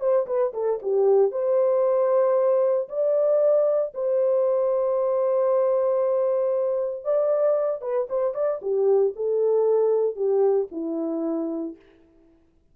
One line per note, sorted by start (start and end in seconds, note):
0.00 0.26 C5
0.27 0.53 B4
0.53 0.79 A4
0.82 1.31 G4
1.31 2.88 C5
2.89 3.93 D5
3.94 7.04 C5
7.04 7.81 D5
7.81 8.07 B4
8.09 8.34 C5
8.34 8.60 D5
8.62 9.14 G4
9.15 10.15 A4
10.15 10.68 G4
10.71 11.76 E4